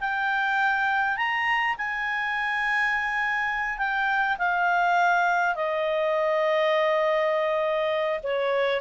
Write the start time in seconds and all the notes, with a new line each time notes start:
0.00 G5
1.17 A#5
1.78 G#5
3.78 G5
4.39 F5
5.55 D#5
8.23 C#5